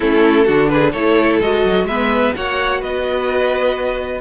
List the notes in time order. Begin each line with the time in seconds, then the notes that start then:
0.00 A3 C#4 E4 A4
0.45 D3 D4 F#4
0.68 G#4 B4
0.91 A3 E4 A4 C#5
1.41 G#3 F#4 D#5
1.64 F#3
1.83 G#3 B3 B4 E5
2.35 A#3 F#4 C#5 F#5
2.80 B3 B4 D#5